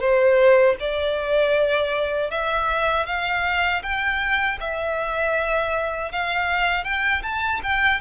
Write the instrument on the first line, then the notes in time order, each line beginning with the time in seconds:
violin
0.00 C5
0.80 D5
2.31 E5
3.06 F5
3.83 G5
4.60 E5
6.12 F5
6.84 G5
7.23 A5
7.63 G5